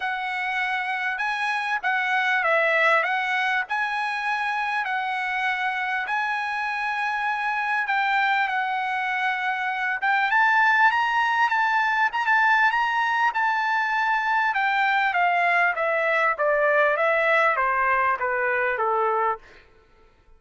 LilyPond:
\new Staff \with { instrumentName = "trumpet" } { \time 4/4 \tempo 4 = 99 fis''2 gis''4 fis''4 | e''4 fis''4 gis''2 | fis''2 gis''2~ | gis''4 g''4 fis''2~ |
fis''8 g''8 a''4 ais''4 a''4 | ais''16 a''8. ais''4 a''2 | g''4 f''4 e''4 d''4 | e''4 c''4 b'4 a'4 | }